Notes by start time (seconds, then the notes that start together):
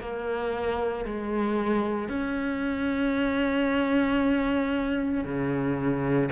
0.00 A#3
1.05 G#3
2.08 C#4
5.24 C#3